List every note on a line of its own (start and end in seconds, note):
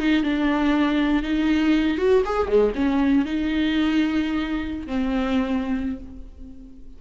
0.00 0.23 D#4
0.23 1.23 D4
1.23 1.98 D#4
1.98 2.23 F#4
2.25 2.48 G#4
2.48 2.73 G#3
2.75 3.25 C#4
3.25 4.87 D#4
4.87 6.00 C4